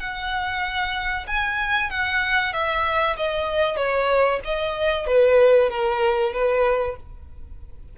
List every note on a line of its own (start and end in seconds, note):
0.00 1.26 F#5
1.27 1.90 G#5
1.91 2.53 F#5
2.53 3.16 E5
3.17 3.77 D#5
3.77 4.40 C#5
4.45 5.07 D#5
5.07 5.70 B4
5.70 6.33 A#4
6.33 6.96 B4